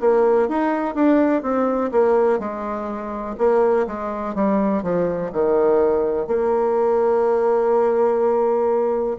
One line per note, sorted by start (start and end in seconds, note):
0.00 0.48 A#3
0.48 0.95 D#4
0.95 1.43 D4
1.43 1.91 C4
1.92 2.39 A#3
2.39 3.36 G#3
3.38 3.87 A#3
3.87 4.35 G#3
4.35 4.83 G3
4.83 5.31 F3
5.32 6.27 D#3
6.27 9.18 A#3